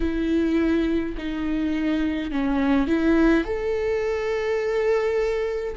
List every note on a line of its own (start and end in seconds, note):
0.00 1.15 E4
1.17 2.31 D#4
2.31 2.87 C#4
2.87 3.44 E4
3.44 5.75 A4